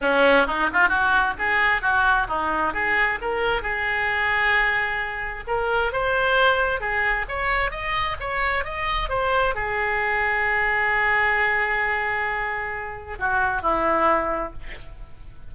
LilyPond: \new Staff \with { instrumentName = "oboe" } { \time 4/4 \tempo 4 = 132 cis'4 dis'8 f'8 fis'4 gis'4 | fis'4 dis'4 gis'4 ais'4 | gis'1 | ais'4 c''2 gis'4 |
cis''4 dis''4 cis''4 dis''4 | c''4 gis'2.~ | gis'1~ | gis'4 fis'4 e'2 | }